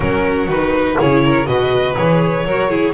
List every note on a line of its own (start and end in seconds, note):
0.00 0.47 F#3
0.00 0.49 C#4
0.00 0.97 F#4
0.00 0.48 A#4
0.47 0.96 D#3
0.47 0.99 D#4
0.47 0.98 B4
0.97 1.47 C#3
0.97 1.45 E4
0.97 1.22 G#4
0.97 1.46 C#5
1.24 1.48 A#4
1.45 1.96 B2
1.45 1.94 F#4
1.45 2.45 B4
1.45 1.95 D#5
1.95 2.45 E3
1.95 2.45 G#4
1.95 2.93 C#5
2.45 2.93 F#3
2.45 2.69 F#4
2.45 2.70 A#4
2.69 2.93 E4
2.69 2.93 G#4